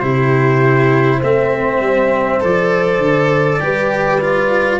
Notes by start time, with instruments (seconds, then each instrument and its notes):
0.00 tuba C3, cello E4, horn G4, trumpet C5
1.19 tuba A3, cello C4, horn C5, trumpet E5
1.80 tuba G3
2.41 tuba F3, cello A4, trumpet D5
2.98 tuba D3
3.60 tuba G3, cello G4, horn B4
4.21 cello F4